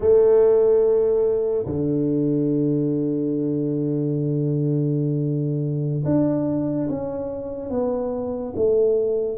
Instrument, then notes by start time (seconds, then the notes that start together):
tuba
0.00 A3
1.66 D3
6.05 D4
6.89 C#4
7.70 B3
8.56 A3